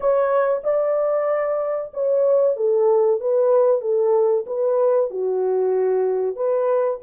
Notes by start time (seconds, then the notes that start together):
0.00 C#5
0.63 D5
1.93 C#5
2.56 A4
3.20 B4
3.81 A4
4.46 B4
5.10 F#4
6.36 B4